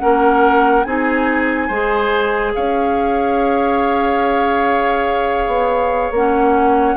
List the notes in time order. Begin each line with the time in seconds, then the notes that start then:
0.00 A#3 C#4 A#4 F#5
0.84 C4 D#4 G#4 G#5
1.68 G#3 G#4 C5
2.55 C#4 C#5 F5
5.48 B3
6.12 A#3 C#4 F#5